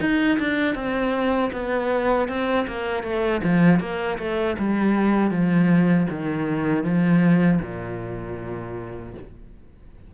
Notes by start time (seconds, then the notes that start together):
0.00 D#4
0.39 D4
0.75 C4
1.52 B3
2.28 C4
2.67 A#3
3.03 A3
3.43 F3
3.80 A#3
4.18 A3
4.58 G3
5.30 F3
6.10 D#3
6.84 F3
7.62 A#2